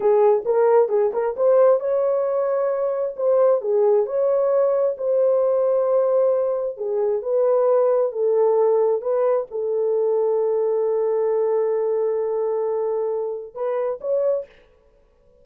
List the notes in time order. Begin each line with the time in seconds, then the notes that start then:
0.00 G#4
0.45 A#4
0.89 G#4
1.13 A#4
1.36 C5
1.79 C#5
3.16 C5
3.61 G#4
4.06 C#5
4.97 C5
6.77 G#4
7.22 B4
8.12 A4
9.01 B4
9.50 A4
13.54 B4
14.00 C#5